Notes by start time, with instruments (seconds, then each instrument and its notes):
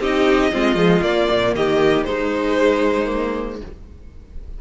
0.00 cello C4, viola D#4, violin G4 D#5
0.52 cello G#3, viola C4, violin F4
0.75 cello F3, viola G#3
1.02 cello A#3, viola A#3, violin D5
1.31 cello A#2
1.55 cello D#3, violin G4 D#5
2.04 viola G#3, cello G#3, violin D#4 C5
3.06 viola A#3